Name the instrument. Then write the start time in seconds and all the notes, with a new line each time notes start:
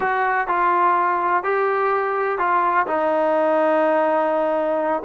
trombone
0.00 F#4
0.47 F4
1.43 G4
2.38 F4
2.86 D#4